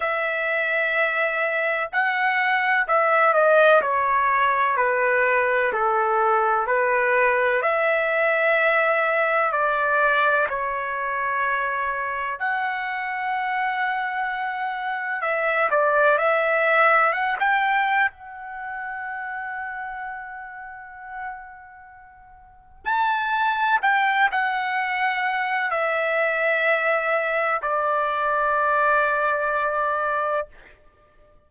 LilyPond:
\new Staff \with { instrumentName = "trumpet" } { \time 4/4 \tempo 4 = 63 e''2 fis''4 e''8 dis''8 | cis''4 b'4 a'4 b'4 | e''2 d''4 cis''4~ | cis''4 fis''2. |
e''8 d''8 e''4 fis''16 g''8. fis''4~ | fis''1 | a''4 g''8 fis''4. e''4~ | e''4 d''2. | }